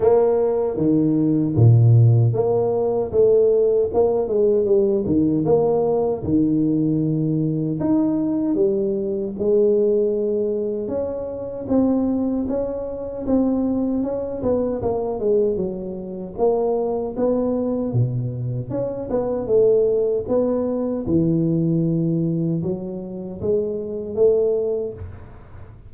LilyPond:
\new Staff \with { instrumentName = "tuba" } { \time 4/4 \tempo 4 = 77 ais4 dis4 ais,4 ais4 | a4 ais8 gis8 g8 dis8 ais4 | dis2 dis'4 g4 | gis2 cis'4 c'4 |
cis'4 c'4 cis'8 b8 ais8 gis8 | fis4 ais4 b4 b,4 | cis'8 b8 a4 b4 e4~ | e4 fis4 gis4 a4 | }